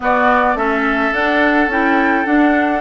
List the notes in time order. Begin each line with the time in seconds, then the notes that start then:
0.00 B3 F#4 D5
0.54 A3 C#4 A4 E5
1.11 D4 F#5
1.67 C#4 E4 G5
2.25 D4 F#5